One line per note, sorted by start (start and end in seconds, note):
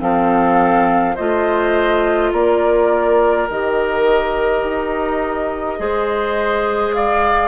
0.00 1.16 F3
0.00 1.15 C4
0.00 1.16 A4
0.00 1.17 F5
1.16 2.33 A3
1.16 3.49 F4
1.16 2.31 C5
1.16 2.32 D#5
2.32 3.48 A#3
2.32 5.79 A#4
2.32 3.49 D5
3.49 4.64 D#3
3.49 5.79 G4
3.49 6.94 D#5
4.64 5.79 D#4
5.79 7.49 G#3
5.79 7.49 G#4
5.79 6.96 C5
6.94 7.49 D5
6.94 7.49 F5